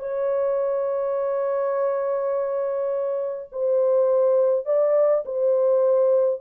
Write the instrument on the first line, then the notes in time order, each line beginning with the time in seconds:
horn
0.00 C#5
3.52 C5
4.66 D5
5.25 C5